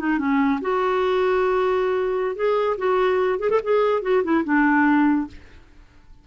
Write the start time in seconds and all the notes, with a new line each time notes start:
0.00 D#4
0.19 C#4
0.62 F#4
2.36 G#4
2.78 F#4
3.40 G#4
3.50 A4
3.64 G#4
4.02 F#4
4.24 E4
4.45 D4